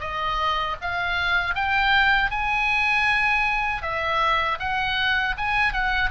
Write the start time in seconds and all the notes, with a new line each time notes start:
0.00 D#5
0.81 F5
1.55 G5
2.31 G#5
3.82 E5
4.59 F#5
5.38 G#5
5.73 F#5